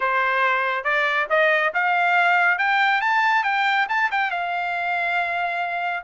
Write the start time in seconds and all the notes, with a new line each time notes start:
0.00 C5
0.84 D5
1.29 D#5
1.74 F5
2.58 G5
3.01 A5
3.43 G5
3.88 A5
4.11 G5
4.30 F5